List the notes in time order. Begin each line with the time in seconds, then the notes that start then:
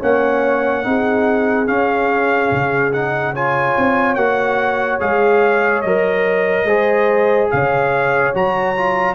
0.00 A#3 C#4 C#5 F#5
0.83 C4 D#4 G#4
1.67 C#4 F5
2.52 C#3
2.93 D#4 F#5
3.33 F4 C#5 G#5
3.78 C4
4.15 A#3 F#4 F#5
5.01 G#3 G#4 F5
5.82 F#3 A#4 D#5
6.64 G#3 G#4 C5
7.51 C#3 C#5 F5
8.34 F#3 F#4 A#5
8.77 F4